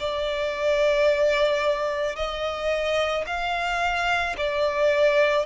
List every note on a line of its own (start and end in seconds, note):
0.00 2.16 D5
2.16 3.25 D#5
3.27 4.36 F5
4.37 5.46 D5